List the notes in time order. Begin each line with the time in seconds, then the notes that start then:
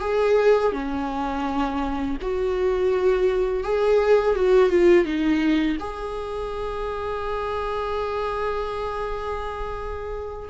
0.00 G#4
0.72 C#4
2.21 F#4
3.64 G#4
4.35 F#4
4.70 F4
5.05 D#4
5.80 G#4